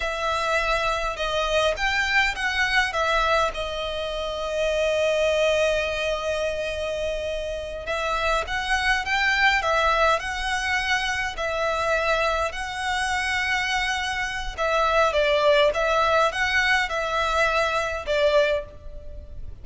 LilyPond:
\new Staff \with { instrumentName = "violin" } { \time 4/4 \tempo 4 = 103 e''2 dis''4 g''4 | fis''4 e''4 dis''2~ | dis''1~ | dis''4. e''4 fis''4 g''8~ |
g''8 e''4 fis''2 e''8~ | e''4. fis''2~ fis''8~ | fis''4 e''4 d''4 e''4 | fis''4 e''2 d''4 | }